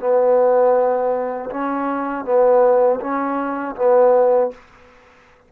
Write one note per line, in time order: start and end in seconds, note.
0.00 1.50 B3
1.50 2.25 C#4
2.25 3.00 B3
3.01 3.76 C#4
3.76 4.51 B3